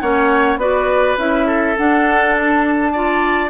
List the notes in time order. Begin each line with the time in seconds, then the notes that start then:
0.00 A#3 C#4 C#5 F#5
0.57 B3 F#4 B4 D5
1.17 C#4 E4 E5
1.46 A4
1.77 D4 F#5
2.37 A5
2.93 F4 D5